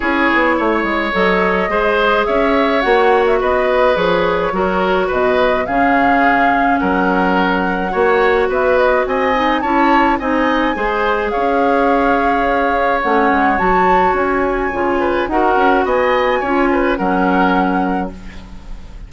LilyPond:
<<
  \new Staff \with { instrumentName = "flute" } { \time 4/4 \tempo 4 = 106 cis''2 dis''2 | e''4 fis''8. e''16 dis''4 cis''4~ | cis''4 dis''4 f''2 | fis''2. e''8 dis''8 |
gis''4 a''4 gis''2 | f''2. fis''4 | a''4 gis''2 fis''4 | gis''2 fis''2 | }
  \new Staff \with { instrumentName = "oboe" } { \time 4/4 gis'4 cis''2 c''4 | cis''2 b'2 | ais'4 b'4 gis'2 | ais'2 cis''4 b'4 |
dis''4 cis''4 dis''4 c''4 | cis''1~ | cis''2~ cis''8 b'8 ais'4 | dis''4 cis''8 b'8 ais'2 | }
  \new Staff \with { instrumentName = "clarinet" } { \time 4/4 e'2 a'4 gis'4~ | gis'4 fis'2 gis'4 | fis'2 cis'2~ | cis'2 fis'2~ |
fis'8 dis'8 e'4 dis'4 gis'4~ | gis'2. cis'4 | fis'2 f'4 fis'4~ | fis'4 f'4 cis'2 | }
  \new Staff \with { instrumentName = "bassoon" } { \time 4/4 cis'8 b8 a8 gis8 fis4 gis4 | cis'4 ais4 b4 f4 | fis4 b,4 cis2 | fis2 ais4 b4 |
c'4 cis'4 c'4 gis4 | cis'2. a8 gis8 | fis4 cis'4 cis4 dis'8 cis'8 | b4 cis'4 fis2 | }
>>